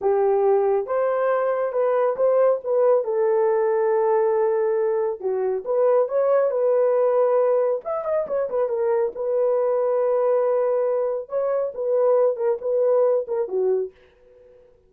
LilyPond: \new Staff \with { instrumentName = "horn" } { \time 4/4 \tempo 4 = 138 g'2 c''2 | b'4 c''4 b'4 a'4~ | a'1 | fis'4 b'4 cis''4 b'4~ |
b'2 e''8 dis''8 cis''8 b'8 | ais'4 b'2.~ | b'2 cis''4 b'4~ | b'8 ais'8 b'4. ais'8 fis'4 | }